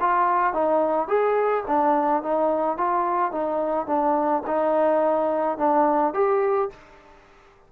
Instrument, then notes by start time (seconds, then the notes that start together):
trombone
0.00 F4
0.54 D#4
1.08 G#4
1.67 D4
2.23 D#4
2.78 F4
3.32 D#4
3.87 D4
4.47 D#4
5.58 D4
6.14 G4